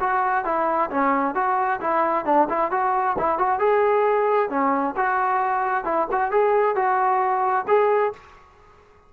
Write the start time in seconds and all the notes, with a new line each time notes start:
0.00 F#4
0.45 E4
0.90 C#4
1.35 F#4
1.80 E4
2.25 D4
2.49 E4
2.71 F#4
3.18 E4
3.39 F#4
3.59 G#4
4.50 C#4
4.96 F#4
5.84 E4
6.11 F#4
6.31 G#4
6.75 F#4
7.68 G#4